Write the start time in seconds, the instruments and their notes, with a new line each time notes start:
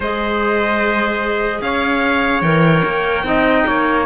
0.00 cello G#3, clarinet G#4, trumpet C5, violin D#5
1.61 cello C#4, trumpet C#5, violin F5
2.41 cello E3, clarinet A#4, violin G5
2.84 cello A#3
3.23 cello C4, clarinet D#4, trumpet D#5
3.67 cello A#3, trumpet C#5